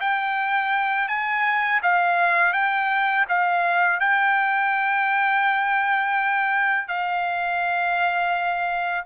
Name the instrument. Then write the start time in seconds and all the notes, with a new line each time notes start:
trumpet
0.00 G5
1.08 G#5
1.82 F5
2.53 G5
3.28 F5
4.00 G5
6.88 F5